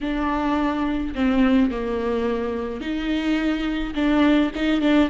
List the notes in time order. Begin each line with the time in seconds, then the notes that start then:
0.00 D4
1.14 C4
1.70 A#3
2.80 D#4
3.94 D4
4.55 D#4
4.80 D4